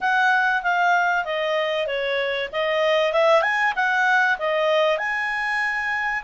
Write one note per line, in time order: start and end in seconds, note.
0.00 0.62 F#5
0.62 1.24 F5
1.24 1.86 D#5
1.86 2.49 C#5
2.52 3.12 D#5
3.12 3.42 E5
3.42 3.73 G#5
3.75 4.38 F#5
4.39 4.98 D#5
4.98 6.23 G#5